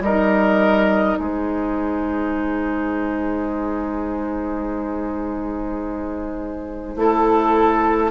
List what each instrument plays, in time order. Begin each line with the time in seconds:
0.00 bassoon G3, oboe A#4, flute D#5
0.07 clarinet D#4
1.16 bassoon G#3, oboe G#4, flute C5
6.96 bassoon A3, clarinet E4, oboe A4